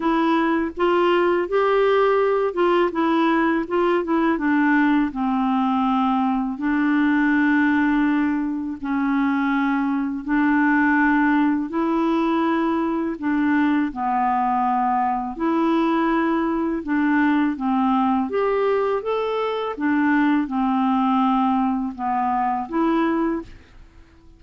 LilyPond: \new Staff \with { instrumentName = "clarinet" } { \time 4/4 \tempo 4 = 82 e'4 f'4 g'4. f'8 | e'4 f'8 e'8 d'4 c'4~ | c'4 d'2. | cis'2 d'2 |
e'2 d'4 b4~ | b4 e'2 d'4 | c'4 g'4 a'4 d'4 | c'2 b4 e'4 | }